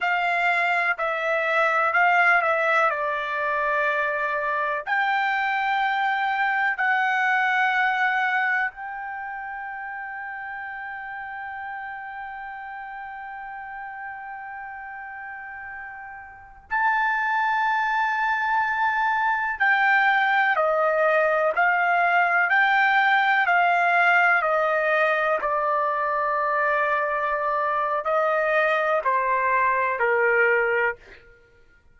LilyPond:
\new Staff \with { instrumentName = "trumpet" } { \time 4/4 \tempo 4 = 62 f''4 e''4 f''8 e''8 d''4~ | d''4 g''2 fis''4~ | fis''4 g''2.~ | g''1~ |
g''4~ g''16 a''2~ a''8.~ | a''16 g''4 dis''4 f''4 g''8.~ | g''16 f''4 dis''4 d''4.~ d''16~ | d''4 dis''4 c''4 ais'4 | }